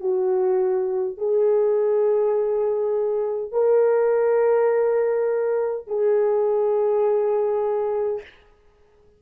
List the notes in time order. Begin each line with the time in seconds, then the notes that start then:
0.00 F#4
1.17 G#4
3.51 A#4
5.87 G#4